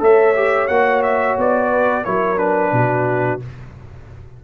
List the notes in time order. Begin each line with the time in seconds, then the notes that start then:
0.00 A3 A4 C#5 E5
0.35 G4
0.68 A#3 F#4 F#5
1.02 E5
1.37 B3 D5
1.70 B4
2.04 F#3 E4 A#4 C#5
2.37 D4 B4
2.72 B2 F#4